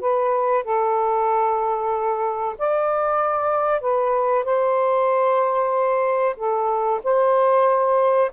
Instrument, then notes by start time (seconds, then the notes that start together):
saxophone
0.00 B4
0.64 A4
2.58 D5
3.81 B4
4.44 C5
6.37 A4
7.04 C5